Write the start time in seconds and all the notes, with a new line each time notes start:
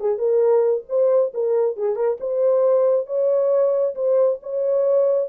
0.00 G#4
0.18 A#4
0.89 C5
1.34 A#4
1.77 G#4
1.96 A#4
2.20 C5
3.07 C#5
3.95 C5
4.43 C#5